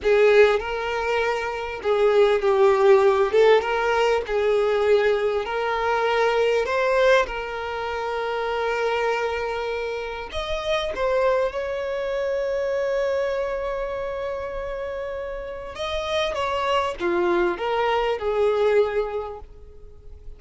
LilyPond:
\new Staff \with { instrumentName = "violin" } { \time 4/4 \tempo 4 = 99 gis'4 ais'2 gis'4 | g'4. a'8 ais'4 gis'4~ | gis'4 ais'2 c''4 | ais'1~ |
ais'4 dis''4 c''4 cis''4~ | cis''1~ | cis''2 dis''4 cis''4 | f'4 ais'4 gis'2 | }